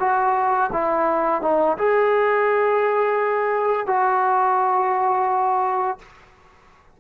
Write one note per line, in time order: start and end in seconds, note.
0.00 0.71 F#4
0.73 1.42 E4
1.42 1.78 D#4
1.78 3.87 G#4
3.87 5.99 F#4